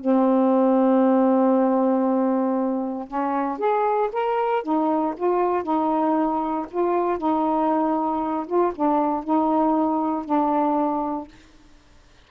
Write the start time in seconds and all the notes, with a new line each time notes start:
0.00 C4
3.08 C#4
3.59 G#4
4.13 A#4
4.63 D#4
5.17 F4
5.63 D#4
6.71 F4
7.18 D#4
8.47 F4
8.75 D4
9.24 D#4
10.26 D4